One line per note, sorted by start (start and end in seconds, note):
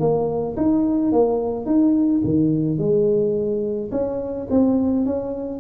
0.00 0.56 A#3
0.57 1.12 D#4
1.12 1.66 A#3
1.66 2.22 D#4
2.25 2.79 D#3
2.79 3.91 G#3
3.92 4.48 C#4
4.50 5.06 C4
5.06 5.60 C#4